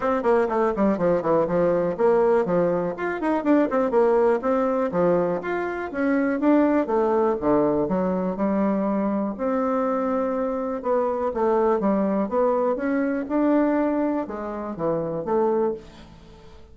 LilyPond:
\new Staff \with { instrumentName = "bassoon" } { \time 4/4 \tempo 4 = 122 c'8 ais8 a8 g8 f8 e8 f4 | ais4 f4 f'8 dis'8 d'8 c'8 | ais4 c'4 f4 f'4 | cis'4 d'4 a4 d4 |
fis4 g2 c'4~ | c'2 b4 a4 | g4 b4 cis'4 d'4~ | d'4 gis4 e4 a4 | }